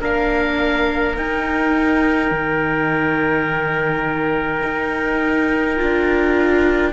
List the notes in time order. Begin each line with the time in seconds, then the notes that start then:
0.00 A#3 D4 A#4 F5
1.16 D#4 G5
2.31 D#3
4.63 D#4
5.77 D4 F4